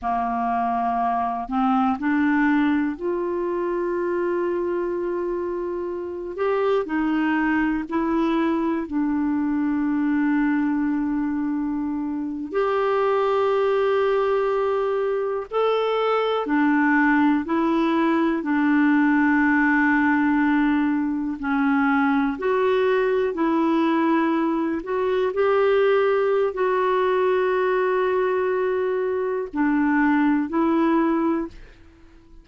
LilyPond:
\new Staff \with { instrumentName = "clarinet" } { \time 4/4 \tempo 4 = 61 ais4. c'8 d'4 f'4~ | f'2~ f'8 g'8 dis'4 | e'4 d'2.~ | d'8. g'2. a'16~ |
a'8. d'4 e'4 d'4~ d'16~ | d'4.~ d'16 cis'4 fis'4 e'16~ | e'4~ e'16 fis'8 g'4~ g'16 fis'4~ | fis'2 d'4 e'4 | }